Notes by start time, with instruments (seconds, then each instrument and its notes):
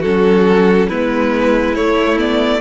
0.00 cello F#3, viola C#4, violin F#4 A4
0.88 cello G#3, viola B3, violin E4 B4
1.75 viola A3, cello A3, violin C#5
2.17 viola B3, violin D5